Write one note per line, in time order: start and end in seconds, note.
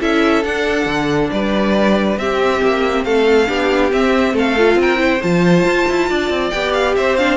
0.00 0.44 C#4
0.00 0.44 E4
0.00 1.30 A4
0.00 0.44 E5
0.44 0.86 D4
0.44 2.19 D4
0.44 1.31 F#5
0.86 1.29 D3
1.32 2.17 G3
1.32 2.20 B4
1.32 2.18 D5
2.17 2.61 C4
2.17 3.47 C4
2.17 3.06 G4
2.17 3.04 E5
2.62 3.05 A#3
3.04 3.48 A3
3.04 3.48 A4
3.04 3.91 F5
3.47 3.92 B3
3.47 3.91 D4
3.47 4.34 G4
3.92 4.57 C4
3.92 4.33 C4
3.92 4.36 E5
4.33 4.76 A3
4.33 4.78 A4
4.33 4.82 F5
4.58 4.97 F4
4.76 5.19 C4
4.76 5.00 A#4
4.82 5.22 G5
4.97 5.19 E4
4.97 6.09 C5
5.22 5.64 F3
5.22 6.53 F4
5.22 6.50 A5
5.64 5.86 F4
5.89 6.10 E4
6.09 6.30 D4
6.09 6.96 D5
6.30 6.52 C4
6.50 6.97 B3
6.50 7.18 G4
6.50 6.72 G5
6.73 6.95 F5
6.96 7.37 C4
6.96 7.37 C5
6.96 7.17 E5
7.17 7.37 D4
7.17 7.37 F5